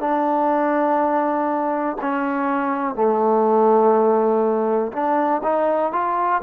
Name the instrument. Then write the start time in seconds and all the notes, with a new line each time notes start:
trombone
0.00 D4
2.01 C#4
2.95 A3
4.93 D4
5.43 D#4
5.92 F4